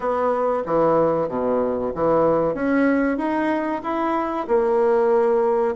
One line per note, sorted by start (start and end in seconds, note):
0.00 0.63 B3
0.66 1.28 E3
1.28 1.92 B2
1.94 2.54 E3
2.54 3.17 C#4
3.17 3.81 D#4
3.83 4.47 E4
4.47 5.75 A#3